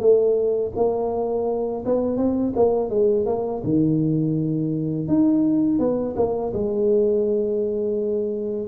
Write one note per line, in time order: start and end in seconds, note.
0.00 0.72 A3
0.76 1.85 A#3
1.86 2.18 B3
2.18 2.54 C4
2.57 2.90 A#3
2.90 3.27 G#3
3.27 3.63 A#3
3.64 5.08 D#3
5.08 5.80 D#4
5.80 6.16 B3
6.17 6.53 A#3
6.54 8.68 G#3